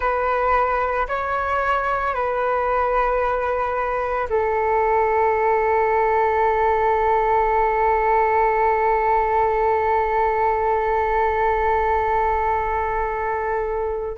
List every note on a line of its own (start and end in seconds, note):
0.00 1.07 B4
1.08 2.14 C#5
2.14 4.28 B4
4.29 14.17 A4